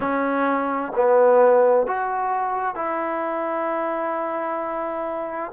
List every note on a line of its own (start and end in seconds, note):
0.00 0.92 C#4
0.95 1.86 B3
1.86 2.75 F#4
2.75 5.52 E4